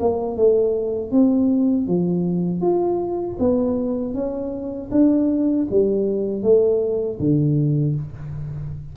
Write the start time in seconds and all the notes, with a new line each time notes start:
0.00 A#3
0.37 A3
1.12 C4
1.87 F3
2.62 F4
3.40 B3
4.14 C#4
4.92 D4
5.71 G3
6.43 A3
7.19 D3